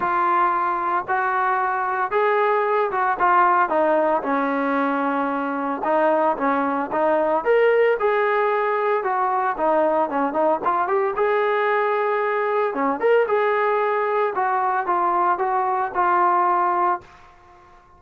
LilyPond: \new Staff \with { instrumentName = "trombone" } { \time 4/4 \tempo 4 = 113 f'2 fis'2 | gis'4. fis'8 f'4 dis'4 | cis'2. dis'4 | cis'4 dis'4 ais'4 gis'4~ |
gis'4 fis'4 dis'4 cis'8 dis'8 | f'8 g'8 gis'2. | cis'8 ais'8 gis'2 fis'4 | f'4 fis'4 f'2 | }